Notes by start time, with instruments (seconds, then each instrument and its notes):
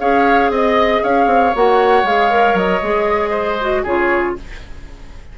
0.00 bassoon C#4, clarinet G#4, oboe C#5, flute F5
0.50 bassoon C4, oboe D#5, flute D#5
1.03 bassoon C#4, oboe C#5, flute F5
1.27 bassoon C4
1.56 bassoon A#3, clarinet F#4, flute F#5
2.03 bassoon G#3, clarinet G#4, flute F5
2.31 clarinet A#4
2.54 bassoon F#3, flute D#5
2.83 bassoon G#3, clarinet G#4
3.31 oboe C5
3.61 clarinet F#4
3.84 bassoon C#3, clarinet F4, oboe G#4, flute C#5